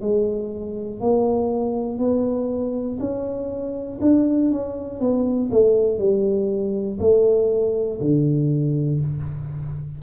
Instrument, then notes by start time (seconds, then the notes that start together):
tuba
0.00 G#3
1.00 A#3
1.98 B3
3.00 C#4
4.01 D4
4.50 C#4
5.00 B3
5.51 A3
5.98 G3
7.00 A3
8.00 D3